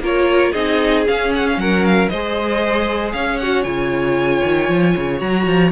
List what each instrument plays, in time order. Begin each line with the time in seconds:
0.00 cello A#3, viola F4, violin A#4 C#5
0.52 cello C4, viola D#4, violin G#4 D#5
1.06 viola C#4, cello C#4, violin F5
1.35 violin F#5
1.48 violin F5
1.57 cello F#3, violin A#4 F#5
1.86 violin F5
2.09 cello G#3, viola G#4, violin C5 D#5
3.12 cello C#4, violin C#5 F5
3.38 viola F#4, violin F#5
3.64 cello C#3, viola F4, violin G#5
4.44 cello D#3
4.69 cello F3
4.96 cello C#3
5.19 cello F#3, viola F#4, violin A#5
5.47 cello F3